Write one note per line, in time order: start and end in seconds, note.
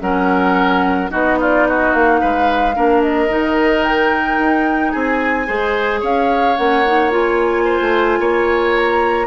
0.00 1.10 F#3
0.00 1.09 C#4
0.00 1.11 A#4
0.00 1.10 F#5
1.09 1.94 B3
1.09 2.73 D#4
1.09 1.38 F#4
1.09 1.38 D#5
1.40 1.67 F4
1.40 1.68 D5
1.68 2.20 F#4
1.68 1.93 D#5
1.93 2.21 A#3
1.93 3.02 F5
2.20 2.76 G#3
2.20 2.75 B4
2.74 3.29 A#3
2.74 3.28 D4
2.74 4.92 A#4
3.02 3.83 D#5
3.29 4.38 D#3
3.29 5.47 D#4
3.83 4.91 G5
4.38 4.93 D#4
4.91 5.48 C4
4.91 5.46 G#4
4.91 6.00 G#5
5.47 6.02 G#3
5.47 6.56 G#4
5.47 6.00 C5
6.00 6.57 C#4
6.00 7.64 C#5
6.00 6.56 F5
6.56 7.80 A#3
6.56 6.85 C#4
6.56 7.11 F#5
6.86 7.11 D#4
7.11 9.27 F4
7.11 8.77 G#5
7.64 8.19 C5
7.80 8.19 A3
8.19 9.27 A#3
8.19 9.27 C#5
8.77 9.27 A#5